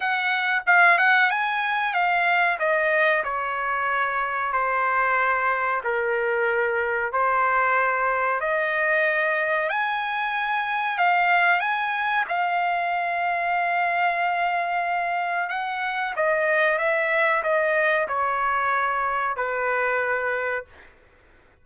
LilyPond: \new Staff \with { instrumentName = "trumpet" } { \time 4/4 \tempo 4 = 93 fis''4 f''8 fis''8 gis''4 f''4 | dis''4 cis''2 c''4~ | c''4 ais'2 c''4~ | c''4 dis''2 gis''4~ |
gis''4 f''4 gis''4 f''4~ | f''1 | fis''4 dis''4 e''4 dis''4 | cis''2 b'2 | }